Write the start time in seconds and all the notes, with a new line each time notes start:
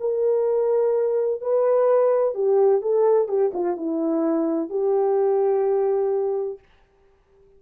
0.00 A#4
1.41 B4
2.34 G4
2.82 A4
3.28 G4
3.54 F4
3.77 E4
4.70 G4